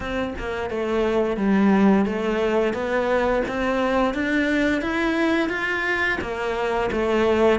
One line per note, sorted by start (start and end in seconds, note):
0.00 0.34 C4
0.38 0.70 A#3
0.70 1.36 A3
1.36 2.05 G3
2.05 2.73 A3
2.73 3.42 B3
3.48 4.13 C4
4.13 4.81 D4
4.81 5.49 E4
5.49 6.18 F4
6.21 6.90 A#3
6.91 7.59 A3